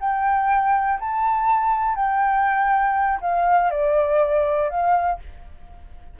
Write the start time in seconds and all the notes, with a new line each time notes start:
0.00 G5
0.99 A5
1.95 G5
3.21 F5
3.70 D5
4.69 F5